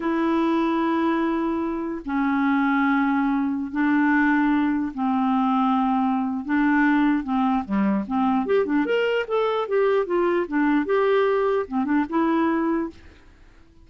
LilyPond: \new Staff \with { instrumentName = "clarinet" } { \time 4/4 \tempo 4 = 149 e'1~ | e'4 cis'2.~ | cis'4~ cis'16 d'2~ d'8.~ | d'16 c'2.~ c'8. |
d'2 c'4 g4 | c'4 g'8 d'8 ais'4 a'4 | g'4 f'4 d'4 g'4~ | g'4 c'8 d'8 e'2 | }